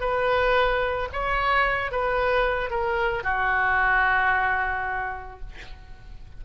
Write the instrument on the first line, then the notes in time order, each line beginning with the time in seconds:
oboe
0.00 B4
1.12 C#5
1.91 B4
2.70 A#4
3.23 F#4